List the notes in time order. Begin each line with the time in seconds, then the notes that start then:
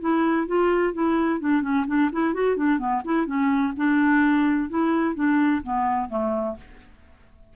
0.00 E4
0.47 F4
0.94 E4
1.40 D4
1.62 C#4
1.87 D4
2.12 E4
2.34 F#4
2.57 D4
2.78 B3
3.05 E4
3.26 C#4
3.77 D4
4.70 E4
5.15 D4
5.63 B3
6.09 A3